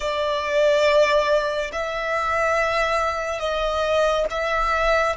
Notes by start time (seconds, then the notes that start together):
0.00 D5
1.72 E5
3.39 D#5
4.30 E5